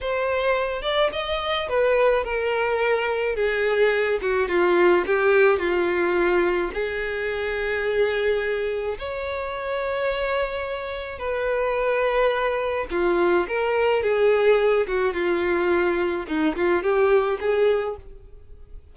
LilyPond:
\new Staff \with { instrumentName = "violin" } { \time 4/4 \tempo 4 = 107 c''4. d''8 dis''4 b'4 | ais'2 gis'4. fis'8 | f'4 g'4 f'2 | gis'1 |
cis''1 | b'2. f'4 | ais'4 gis'4. fis'8 f'4~ | f'4 dis'8 f'8 g'4 gis'4 | }